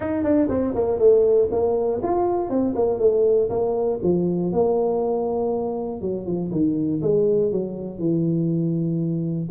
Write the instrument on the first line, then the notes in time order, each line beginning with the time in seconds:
tuba
0.00 D#4
0.23 D4
0.49 C4
0.75 A#3
0.99 A3
1.51 A#3
2.02 F4
2.49 C4
2.75 A#3
2.99 A3
3.49 A#3
4.02 F3
4.52 A#3
6.01 F#3
6.25 F3
6.51 D#3
7.01 G#3
7.51 F#3
7.99 E3